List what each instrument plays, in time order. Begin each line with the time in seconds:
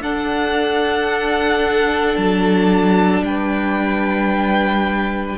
0.00 cello D4, viola D4, violin A4 F#5
2.17 cello F#3, violin A5
3.21 cello G3, violin G5
3.27 violin B4